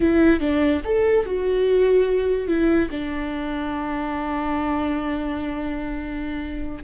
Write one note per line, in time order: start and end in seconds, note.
0.00 0.40 E4
0.40 0.81 D4
0.84 1.25 A4
1.25 2.47 F#4
2.47 2.89 E4
2.91 6.84 D4